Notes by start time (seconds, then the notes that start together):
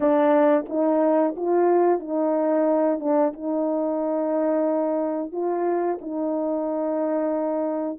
0.00 D4
0.68 D#4
1.36 F4
1.99 D#4
2.99 D4
3.33 D#4
5.32 F4
6.01 D#4